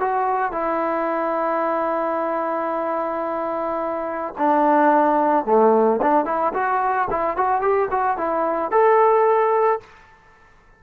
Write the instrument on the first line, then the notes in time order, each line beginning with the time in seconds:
trombone
0.00 F#4
0.52 E4
4.38 D4
5.45 A3
6.02 D4
6.25 E4
6.54 F#4
7.11 E4
7.37 F#4
7.61 G4
7.91 F#4
8.17 E4
8.71 A4